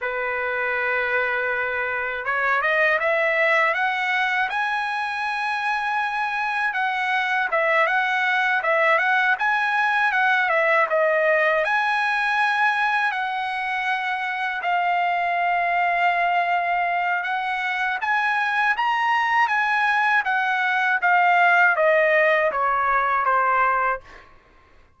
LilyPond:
\new Staff \with { instrumentName = "trumpet" } { \time 4/4 \tempo 4 = 80 b'2. cis''8 dis''8 | e''4 fis''4 gis''2~ | gis''4 fis''4 e''8 fis''4 e''8 | fis''8 gis''4 fis''8 e''8 dis''4 gis''8~ |
gis''4. fis''2 f''8~ | f''2. fis''4 | gis''4 ais''4 gis''4 fis''4 | f''4 dis''4 cis''4 c''4 | }